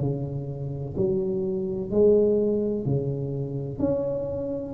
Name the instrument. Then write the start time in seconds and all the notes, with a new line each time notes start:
tuba
0.00 C#3
0.97 F#3
1.91 G#3
2.86 C#3
3.79 C#4